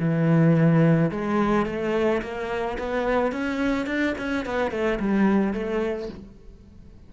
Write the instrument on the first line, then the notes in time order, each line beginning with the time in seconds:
cello
0.00 E3
1.11 G#3
1.66 A3
2.22 A#3
2.79 B3
3.32 C#4
3.87 D4
4.18 C#4
4.46 B3
4.71 A3
5.00 G3
5.53 A3